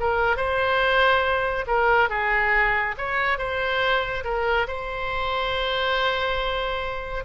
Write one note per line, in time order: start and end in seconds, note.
0.00 0.37 A#4
0.37 1.66 C5
1.67 2.10 A#4
2.10 2.95 G#4
2.98 3.38 C#5
3.38 4.24 C5
4.24 4.67 A#4
4.68 7.25 C5